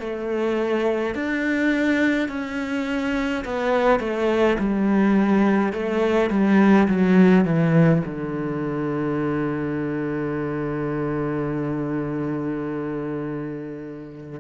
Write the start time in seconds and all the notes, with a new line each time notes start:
0.00 A3
1.15 D4
2.29 C#4
3.45 B3
4.00 A3
4.59 G3
5.73 A3
6.30 G3
6.88 F#3
7.45 E3
8.05 D3